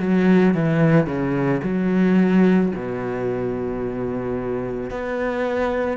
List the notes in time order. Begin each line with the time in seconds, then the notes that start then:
0.00 F#3
0.55 E3
1.07 C#3
1.63 F#3
2.75 B2
4.90 B3